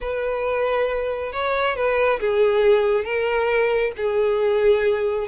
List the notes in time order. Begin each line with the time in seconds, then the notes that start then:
0.01 B4
1.32 C#5
1.76 B4
2.20 G#4
3.04 A#4
3.96 G#4